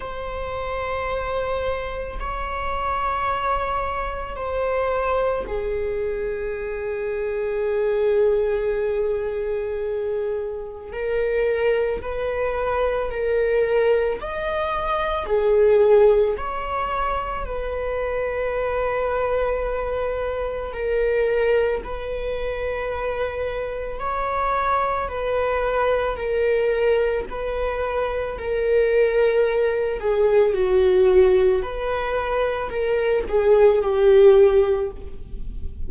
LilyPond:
\new Staff \with { instrumentName = "viola" } { \time 4/4 \tempo 4 = 55 c''2 cis''2 | c''4 gis'2.~ | gis'2 ais'4 b'4 | ais'4 dis''4 gis'4 cis''4 |
b'2. ais'4 | b'2 cis''4 b'4 | ais'4 b'4 ais'4. gis'8 | fis'4 b'4 ais'8 gis'8 g'4 | }